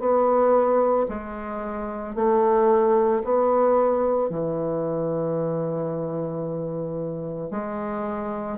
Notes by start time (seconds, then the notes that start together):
0.00 B3
1.09 G#3
2.15 A3
3.24 B3
4.30 E3
7.51 G#3